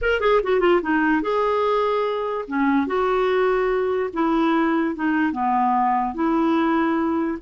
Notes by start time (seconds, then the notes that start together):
0.01 A#4
0.20 G#4
0.43 F#4
0.60 F4
0.82 D#4
1.22 G#4
2.47 C#4
2.86 F#4
4.13 E4
4.95 D#4
5.32 B3
6.14 E4